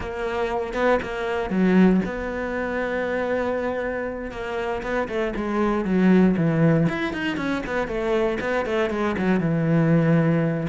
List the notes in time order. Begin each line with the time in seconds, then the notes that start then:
0.00 A#3
0.73 B3
1.02 A#3
1.50 F#3
2.05 B3
4.31 A#3
4.82 B3
5.08 A3
5.36 G#3
5.84 F#3
6.37 E3
6.88 E4
7.13 D#4
7.36 C#4
7.66 B3
7.87 A3
8.40 B3
8.65 A3
8.90 G#3
9.18 F#3
9.40 E3